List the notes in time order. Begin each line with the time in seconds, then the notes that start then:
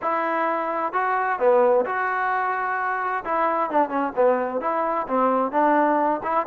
0.01 E4
0.93 F#4
1.39 B3
1.85 F#4
3.24 E4
3.70 D4
3.89 C#4
4.15 B3
4.60 E4
5.07 C4
5.51 D4
6.23 E4